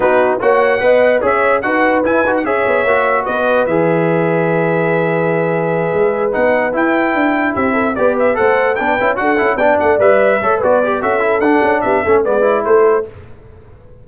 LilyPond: <<
  \new Staff \with { instrumentName = "trumpet" } { \time 4/4 \tempo 4 = 147 b'4 fis''2 e''4 | fis''4 gis''8. fis''16 e''2 | dis''4 e''2.~ | e''2.~ e''8 fis''8~ |
fis''8 g''2 e''4 d''8 | e''8 fis''4 g''4 fis''4 g''8 | fis''8 e''4. d''4 e''4 | fis''4 e''4 d''4 c''4 | }
  \new Staff \with { instrumentName = "horn" } { \time 4/4 fis'4 cis''4 dis''4 cis''4 | b'2 cis''2 | b'1~ | b'1~ |
b'2~ b'8 g'8 a'8 b'8~ | b'8 c''4 b'4 a'4 d''8~ | d''4. cis''8 b'4 a'4~ | a'4 g'8 a'8 b'4 a'4 | }
  \new Staff \with { instrumentName = "trombone" } { \time 4/4 dis'4 fis'4 b'4 gis'4 | fis'4 e'8 fis'8 gis'4 fis'4~ | fis'4 gis'2.~ | gis'2.~ gis'8 dis'8~ |
dis'8 e'2. g'8~ | g'8 a'4 d'8 e'8 fis'8 e'8 d'8~ | d'8 b'4 a'8 fis'8 g'8 fis'8 e'8 | d'4. cis'8 b8 e'4. | }
  \new Staff \with { instrumentName = "tuba" } { \time 4/4 b4 ais4 b4 cis'4 | dis'4 e'8 dis'8 cis'8 b8 ais4 | b4 e2.~ | e2~ e8 gis4 b8~ |
b8 e'4 d'4 c'4 b8~ | b8 a4 b8 cis'8 d'8 cis'8 b8 | a8 g4 a8 b4 cis'4 | d'8 cis'8 b8 a8 gis4 a4 | }
>>